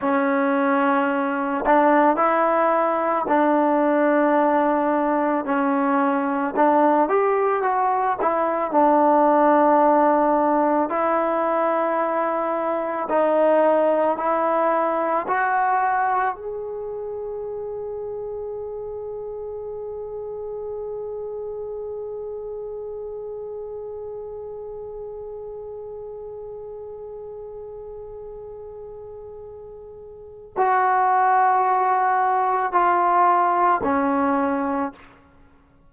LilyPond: \new Staff \with { instrumentName = "trombone" } { \time 4/4 \tempo 4 = 55 cis'4. d'8 e'4 d'4~ | d'4 cis'4 d'8 g'8 fis'8 e'8 | d'2 e'2 | dis'4 e'4 fis'4 gis'4~ |
gis'1~ | gis'1~ | gis'1 | fis'2 f'4 cis'4 | }